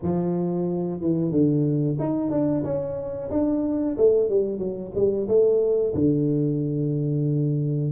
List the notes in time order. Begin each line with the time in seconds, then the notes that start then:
0.02 F3
1.00 E3
1.31 D3
1.99 D#4
2.30 D4
2.64 C#4
3.30 D4
3.97 A3
4.29 G3
4.58 F#3
4.94 G3
5.27 A3
5.94 D3